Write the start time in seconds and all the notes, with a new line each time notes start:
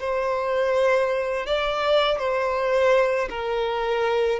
0.00 C5
1.46 D5
2.19 C5
3.30 A#4